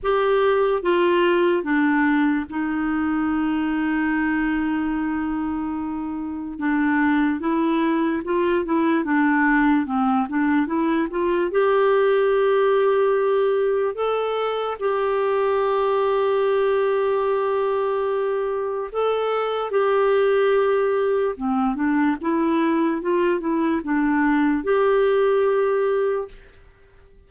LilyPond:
\new Staff \with { instrumentName = "clarinet" } { \time 4/4 \tempo 4 = 73 g'4 f'4 d'4 dis'4~ | dis'1 | d'4 e'4 f'8 e'8 d'4 | c'8 d'8 e'8 f'8 g'2~ |
g'4 a'4 g'2~ | g'2. a'4 | g'2 c'8 d'8 e'4 | f'8 e'8 d'4 g'2 | }